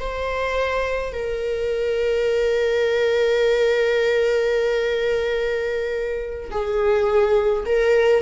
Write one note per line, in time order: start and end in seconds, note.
0.00 1.13 C5
1.13 6.50 A#4
6.51 7.64 G#4
7.66 8.22 A#4